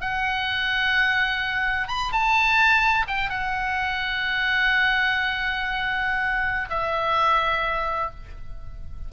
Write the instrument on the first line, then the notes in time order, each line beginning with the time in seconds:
oboe
0.00 F#5
1.88 B5
2.12 A5
3.07 G5
3.29 F#5
6.69 E5